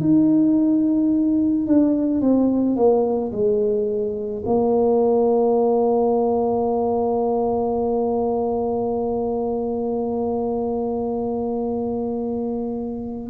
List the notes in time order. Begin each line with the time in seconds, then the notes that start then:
0.00 D#4
1.67 D4
2.21 C4
2.76 A#3
3.32 G#3
4.45 A#3